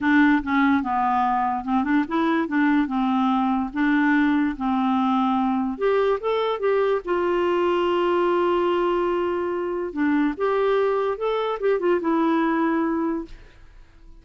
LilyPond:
\new Staff \with { instrumentName = "clarinet" } { \time 4/4 \tempo 4 = 145 d'4 cis'4 b2 | c'8 d'8 e'4 d'4 c'4~ | c'4 d'2 c'4~ | c'2 g'4 a'4 |
g'4 f'2.~ | f'1 | d'4 g'2 a'4 | g'8 f'8 e'2. | }